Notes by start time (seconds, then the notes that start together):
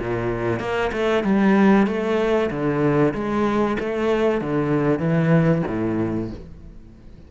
0.00 A#2
0.60 A#3
0.93 A3
1.24 G3
1.87 A3
2.51 D3
3.14 G#3
3.80 A3
4.42 D3
5.00 E3
5.68 A2